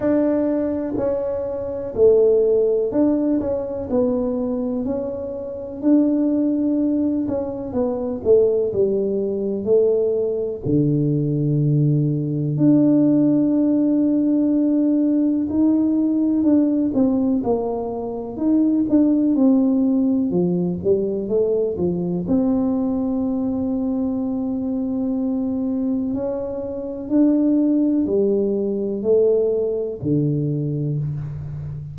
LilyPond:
\new Staff \with { instrumentName = "tuba" } { \time 4/4 \tempo 4 = 62 d'4 cis'4 a4 d'8 cis'8 | b4 cis'4 d'4. cis'8 | b8 a8 g4 a4 d4~ | d4 d'2. |
dis'4 d'8 c'8 ais4 dis'8 d'8 | c'4 f8 g8 a8 f8 c'4~ | c'2. cis'4 | d'4 g4 a4 d4 | }